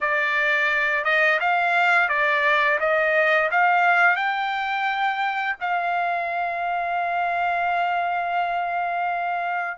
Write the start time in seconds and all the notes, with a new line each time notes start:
0.00 D5
1.04 D#5
1.40 F5
2.09 D5
2.80 D#5
3.51 F5
4.15 G5
5.60 F5